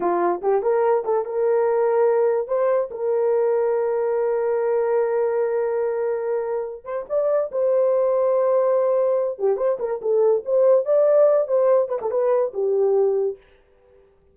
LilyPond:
\new Staff \with { instrumentName = "horn" } { \time 4/4 \tempo 4 = 144 f'4 g'8 ais'4 a'8 ais'4~ | ais'2 c''4 ais'4~ | ais'1~ | ais'1~ |
ais'8 c''8 d''4 c''2~ | c''2~ c''8 g'8 c''8 ais'8 | a'4 c''4 d''4. c''8~ | c''8 b'16 a'16 b'4 g'2 | }